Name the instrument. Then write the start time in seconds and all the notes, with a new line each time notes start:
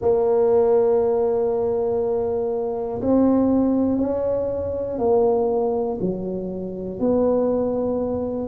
tuba
0.00 A#3
3.01 C4
3.98 C#4
4.98 A#3
6.00 F#3
7.00 B3